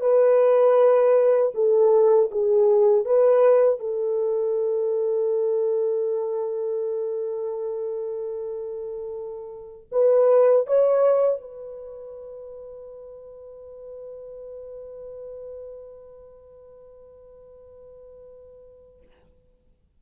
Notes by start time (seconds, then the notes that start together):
0.00 B4
1.54 A4
2.31 G#4
3.05 B4
3.79 A4
9.91 B4
10.66 C#5
11.41 B4